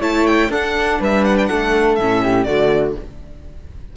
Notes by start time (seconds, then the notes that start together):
0.00 A3 E4 C#5 A5
0.26 G5
0.49 D4 A4 F#5
0.99 G3 B4 E5
1.24 F#5
1.37 G5
1.46 A3 A4 F#5
1.95 A2 C#4 E5
2.22 G4
2.43 D3 A3 F#4 D5